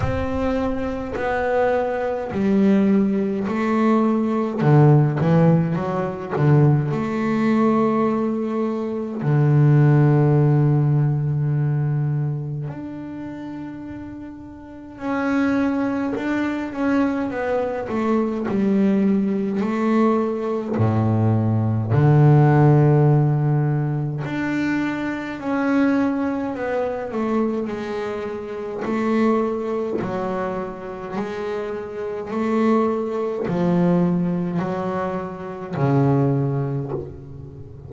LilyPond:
\new Staff \with { instrumentName = "double bass" } { \time 4/4 \tempo 4 = 52 c'4 b4 g4 a4 | d8 e8 fis8 d8 a2 | d2. d'4~ | d'4 cis'4 d'8 cis'8 b8 a8 |
g4 a4 a,4 d4~ | d4 d'4 cis'4 b8 a8 | gis4 a4 fis4 gis4 | a4 f4 fis4 cis4 | }